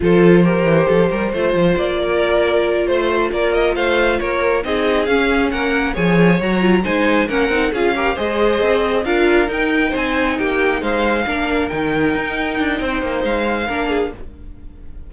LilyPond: <<
  \new Staff \with { instrumentName = "violin" } { \time 4/4 \tempo 4 = 136 c''1 | d''2~ d''8 c''4 d''8 | dis''8 f''4 cis''4 dis''4 f''8~ | f''8 fis''4 gis''4 ais''4 gis''8~ |
gis''8 fis''4 f''4 dis''4.~ | dis''8 f''4 g''4 gis''4 g''8~ | g''8 f''2 g''4.~ | g''2 f''2 | }
  \new Staff \with { instrumentName = "violin" } { \time 4/4 a'4 ais'4 a'8 ais'8 c''4~ | c''8 ais'2 c''4 ais'8~ | ais'8 c''4 ais'4 gis'4.~ | gis'8 ais'4 cis''2 c''8~ |
c''8 ais'4 gis'8 ais'8 c''4.~ | c''8 ais'2 c''4 g'8~ | g'8 c''4 ais'2~ ais'8~ | ais'4 c''2 ais'8 gis'8 | }
  \new Staff \with { instrumentName = "viola" } { \time 4/4 f'4 g'2 f'4~ | f'1~ | f'2~ f'8 dis'4 cis'8~ | cis'4. gis'4 fis'8 f'8 dis'8~ |
dis'8 cis'8 dis'8 f'8 g'8 gis'4.~ | gis'8 f'4 dis'2~ dis'8~ | dis'4. d'4 dis'4.~ | dis'2. d'4 | }
  \new Staff \with { instrumentName = "cello" } { \time 4/4 f4. e8 f8 g8 a8 f8 | ais2~ ais8 a4 ais8~ | ais8 a4 ais4 c'4 cis'8~ | cis'8 ais4 f4 fis4 gis8~ |
gis8 ais8 c'8 cis'4 gis4 c'8~ | c'8 d'4 dis'4 c'4 ais8~ | ais8 gis4 ais4 dis4 dis'8~ | dis'8 d'8 c'8 ais8 gis4 ais4 | }
>>